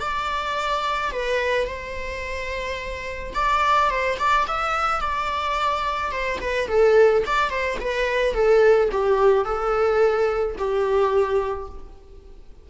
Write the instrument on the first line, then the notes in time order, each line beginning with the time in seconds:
viola
0.00 D5
1.12 B4
1.67 C5
3.35 D5
3.90 C5
4.19 D5
4.47 E5
5.01 D5
6.12 C5
6.41 B4
6.68 A4
7.26 D5
7.50 C5
7.81 B4
8.34 A4
8.92 G4
9.45 A4
10.58 G4